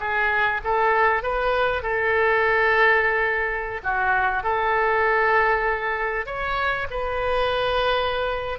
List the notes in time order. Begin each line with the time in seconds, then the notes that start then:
0.00 G#4
0.64 A4
1.23 B4
1.82 A4
3.83 F#4
4.43 A4
6.26 C#5
6.90 B4